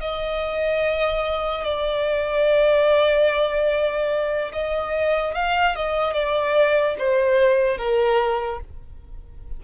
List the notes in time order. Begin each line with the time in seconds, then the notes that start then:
0.00 D#5
1.64 D5
4.52 D#5
5.34 F5
5.75 D#5
6.13 D5
6.98 C5
7.77 A#4